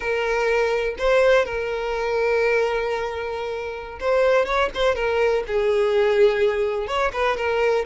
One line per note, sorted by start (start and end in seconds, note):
0.00 0.95 A#4
0.98 1.45 C5
1.45 3.99 A#4
4.00 4.45 C5
4.45 4.69 C#5
4.74 4.95 C5
4.95 5.43 A#4
5.47 6.87 G#4
6.87 7.11 C#5
7.12 7.37 B4
7.37 7.85 A#4